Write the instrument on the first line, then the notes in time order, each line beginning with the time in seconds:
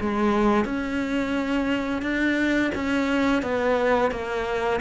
cello
0.00 G#3
0.65 C#4
2.02 D4
2.74 C#4
3.42 B3
4.11 A#3